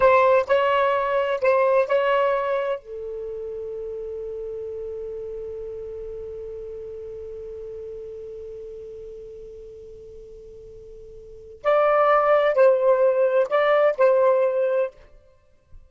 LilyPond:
\new Staff \with { instrumentName = "saxophone" } { \time 4/4 \tempo 4 = 129 c''4 cis''2 c''4 | cis''2 a'2~ | a'1~ | a'1~ |
a'1~ | a'1~ | a'4 d''2 c''4~ | c''4 d''4 c''2 | }